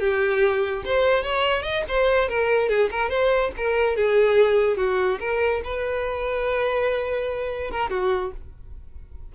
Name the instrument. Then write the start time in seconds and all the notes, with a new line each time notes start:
violin
0.00 G4
0.85 C5
1.23 C#5
1.63 D#5
1.88 C5
2.29 A#4
2.69 G#4
2.91 A#4
3.09 C5
3.57 A#4
3.96 G#4
4.77 F#4
5.20 A#4
5.64 B4
7.71 A#4
7.90 F#4